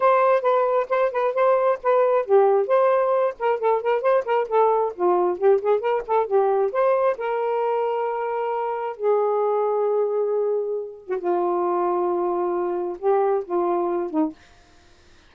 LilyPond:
\new Staff \with { instrumentName = "saxophone" } { \time 4/4 \tempo 4 = 134 c''4 b'4 c''8 b'8 c''4 | b'4 g'4 c''4. ais'8 | a'8 ais'8 c''8 ais'8 a'4 f'4 | g'8 gis'8 ais'8 a'8 g'4 c''4 |
ais'1 | gis'1~ | gis'8. fis'16 f'2.~ | f'4 g'4 f'4. dis'8 | }